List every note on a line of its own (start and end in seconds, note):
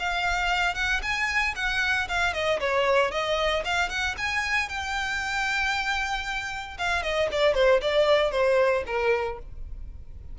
0.00 0.75 F5
0.75 1.01 F#5
1.03 1.55 G#5
1.56 2.08 F#5
2.09 2.34 F5
2.34 2.60 D#5
2.60 3.12 C#5
3.12 3.64 D#5
3.65 3.90 F5
3.90 4.16 F#5
4.18 4.69 G#5
4.69 6.78 G5
6.79 7.03 F5
7.03 7.29 D#5
7.32 7.55 D5
7.55 7.81 C5
7.81 8.32 D5
8.32 8.84 C5
8.87 9.39 A#4